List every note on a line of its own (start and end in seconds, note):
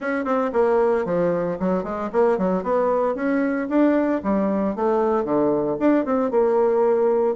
0.00 0.24 C#4
0.24 0.50 C4
0.52 1.05 A#3
1.05 1.57 F3
1.59 1.83 F#3
1.83 2.09 G#3
2.12 2.38 A#3
2.38 2.63 F#3
2.63 3.15 B3
3.15 3.67 C#4
3.69 4.21 D4
4.23 4.75 G3
4.75 5.24 A3
5.24 5.77 D3
5.79 6.05 D4
6.05 6.31 C4
6.31 7.35 A#3